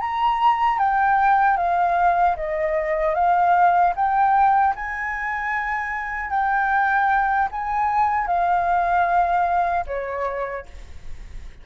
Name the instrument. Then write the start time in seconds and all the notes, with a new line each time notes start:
flute
0.00 A#5
0.79 G5
1.57 F5
2.36 D#5
3.15 F5
3.96 G5
4.75 G#5
6.30 G5
7.51 G#5
8.27 F5
9.87 C#5